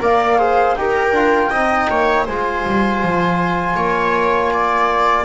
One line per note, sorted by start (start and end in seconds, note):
0.00 0.76 A#3
0.00 0.38 A#4
0.00 0.39 D5
0.00 0.76 F5
0.39 0.76 G#4
0.39 0.76 C5
0.76 1.12 D#4
0.76 1.15 G4
0.76 1.50 A#4
0.76 2.26 G5
1.12 1.50 D4
1.12 1.52 F4
1.50 1.89 C4
1.50 2.28 D#4
1.50 1.88 D#5
1.90 2.27 A#3
1.90 2.25 C#5
2.25 2.65 G#3
2.25 5.25 F4
2.25 3.75 C5
2.25 5.25 G#5
2.67 3.03 G3
3.03 3.76 F3
3.76 5.25 A#3
3.76 4.51 C#5
4.54 5.25 D5